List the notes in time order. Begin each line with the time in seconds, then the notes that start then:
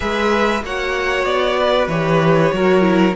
0.00 G#3 G#4 B4 E5
0.62 A#3 F#4 C#5 F#5
1.24 B3 D5
1.59 B4
1.87 E3 G4 C#5
2.52 F#3 F#4 A#4
2.80 E4